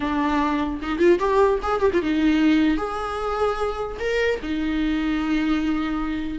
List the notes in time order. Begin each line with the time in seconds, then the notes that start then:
0.00 D4
0.82 D#4
0.98 F4
1.19 G4
1.62 G#4
1.80 G4
1.93 F4
2.02 D#4
2.77 G#4
3.99 A#4
4.42 D#4